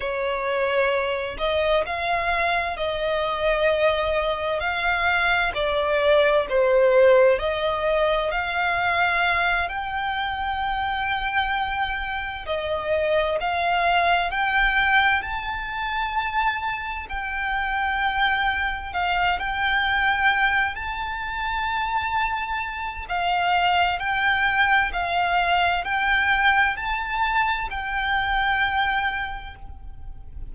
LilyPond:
\new Staff \with { instrumentName = "violin" } { \time 4/4 \tempo 4 = 65 cis''4. dis''8 f''4 dis''4~ | dis''4 f''4 d''4 c''4 | dis''4 f''4. g''4.~ | g''4. dis''4 f''4 g''8~ |
g''8 a''2 g''4.~ | g''8 f''8 g''4. a''4.~ | a''4 f''4 g''4 f''4 | g''4 a''4 g''2 | }